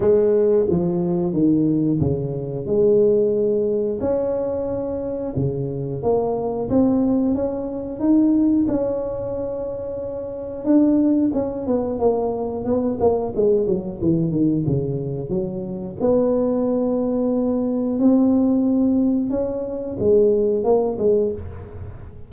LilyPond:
\new Staff \with { instrumentName = "tuba" } { \time 4/4 \tempo 4 = 90 gis4 f4 dis4 cis4 | gis2 cis'2 | cis4 ais4 c'4 cis'4 | dis'4 cis'2. |
d'4 cis'8 b8 ais4 b8 ais8 | gis8 fis8 e8 dis8 cis4 fis4 | b2. c'4~ | c'4 cis'4 gis4 ais8 gis8 | }